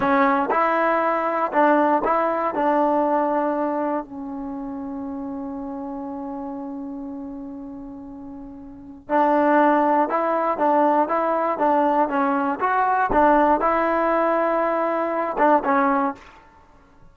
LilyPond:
\new Staff \with { instrumentName = "trombone" } { \time 4/4 \tempo 4 = 119 cis'4 e'2 d'4 | e'4 d'2. | cis'1~ | cis'1~ |
cis'2 d'2 | e'4 d'4 e'4 d'4 | cis'4 fis'4 d'4 e'4~ | e'2~ e'8 d'8 cis'4 | }